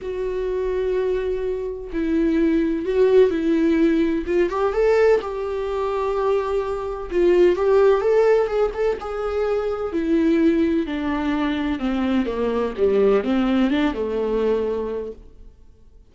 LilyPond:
\new Staff \with { instrumentName = "viola" } { \time 4/4 \tempo 4 = 127 fis'1 | e'2 fis'4 e'4~ | e'4 f'8 g'8 a'4 g'4~ | g'2. f'4 |
g'4 a'4 gis'8 a'8 gis'4~ | gis'4 e'2 d'4~ | d'4 c'4 ais4 g4 | c'4 d'8 a2~ a8 | }